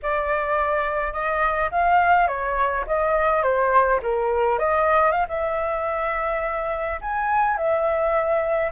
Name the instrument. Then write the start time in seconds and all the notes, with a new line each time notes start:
flute
0.02 D5
1.12 D#5
1.71 F5
2.27 C#5
2.86 D#5
3.42 C5
4.02 A#4
4.58 D#5
5.11 F5
5.28 E5
7.01 G#5
7.57 E5